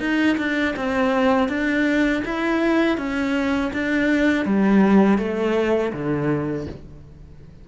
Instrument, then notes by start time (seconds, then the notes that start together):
cello
0.00 D#4
0.38 D4
0.76 C4
1.49 D4
2.26 E4
2.98 C#4
3.73 D4
4.45 G3
5.19 A3
5.93 D3